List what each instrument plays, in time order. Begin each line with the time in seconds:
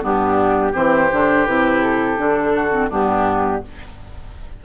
0.00 bassoon G2, clarinet B3, oboe D4, flute G4
0.72 bassoon E3, clarinet C4, oboe G4, flute C5
1.12 bassoon D3, clarinet D4
1.47 bassoon C3, clarinet E4, flute B4
1.82 flute A4
2.17 bassoon D3, clarinet D4
2.55 oboe F#4
2.71 clarinet C4
2.89 bassoon G2, clarinet B3, oboe D4, flute G4